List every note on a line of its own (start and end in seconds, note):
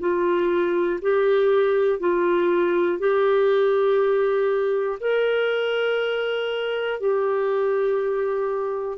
0.00 1.00 F4
1.01 2.00 G4
2.00 2.99 F4
2.99 4.99 G4
5.00 7.00 A#4
7.00 8.98 G4